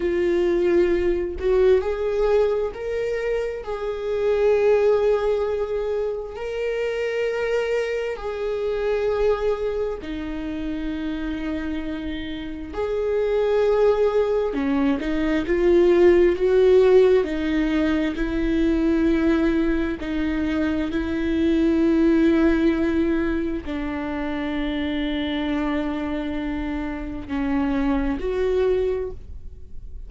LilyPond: \new Staff \with { instrumentName = "viola" } { \time 4/4 \tempo 4 = 66 f'4. fis'8 gis'4 ais'4 | gis'2. ais'4~ | ais'4 gis'2 dis'4~ | dis'2 gis'2 |
cis'8 dis'8 f'4 fis'4 dis'4 | e'2 dis'4 e'4~ | e'2 d'2~ | d'2 cis'4 fis'4 | }